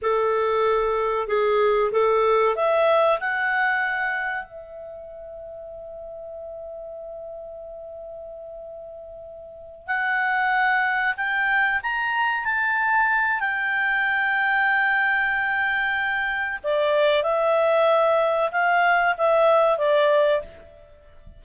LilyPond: \new Staff \with { instrumentName = "clarinet" } { \time 4/4 \tempo 4 = 94 a'2 gis'4 a'4 | e''4 fis''2 e''4~ | e''1~ | e''2.~ e''8 fis''8~ |
fis''4. g''4 ais''4 a''8~ | a''4 g''2.~ | g''2 d''4 e''4~ | e''4 f''4 e''4 d''4 | }